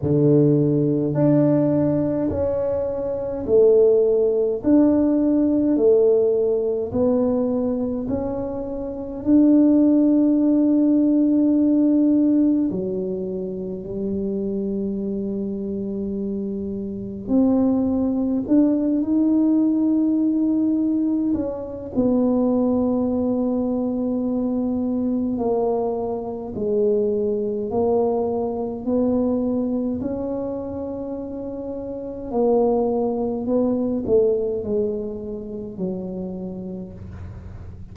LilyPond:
\new Staff \with { instrumentName = "tuba" } { \time 4/4 \tempo 4 = 52 d4 d'4 cis'4 a4 | d'4 a4 b4 cis'4 | d'2. fis4 | g2. c'4 |
d'8 dis'2 cis'8 b4~ | b2 ais4 gis4 | ais4 b4 cis'2 | ais4 b8 a8 gis4 fis4 | }